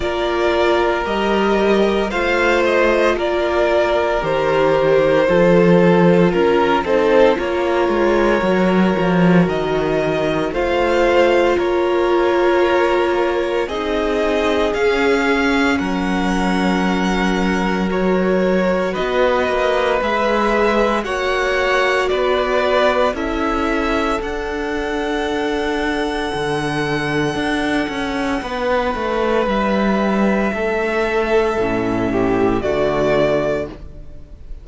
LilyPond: <<
  \new Staff \with { instrumentName = "violin" } { \time 4/4 \tempo 4 = 57 d''4 dis''4 f''8 dis''8 d''4 | c''2 ais'8 c''8 cis''4~ | cis''4 dis''4 f''4 cis''4~ | cis''4 dis''4 f''4 fis''4~ |
fis''4 cis''4 dis''4 e''4 | fis''4 d''4 e''4 fis''4~ | fis''1 | e''2. d''4 | }
  \new Staff \with { instrumentName = "violin" } { \time 4/4 ais'2 c''4 ais'4~ | ais'4 a'4 ais'8 a'8 ais'4~ | ais'2 c''4 ais'4~ | ais'4 gis'2 ais'4~ |
ais'2 b'2 | cis''4 b'4 a'2~ | a'2. b'4~ | b'4 a'4. g'8 fis'4 | }
  \new Staff \with { instrumentName = "viola" } { \time 4/4 f'4 g'4 f'2 | g'4 f'4. dis'8 f'4 | fis'2 f'2~ | f'4 dis'4 cis'2~ |
cis'4 fis'2 gis'4 | fis'2 e'4 d'4~ | d'1~ | d'2 cis'4 a4 | }
  \new Staff \with { instrumentName = "cello" } { \time 4/4 ais4 g4 a4 ais4 | dis4 f4 cis'8 c'8 ais8 gis8 | fis8 f8 dis4 a4 ais4~ | ais4 c'4 cis'4 fis4~ |
fis2 b8 ais8 gis4 | ais4 b4 cis'4 d'4~ | d'4 d4 d'8 cis'8 b8 a8 | g4 a4 a,4 d4 | }
>>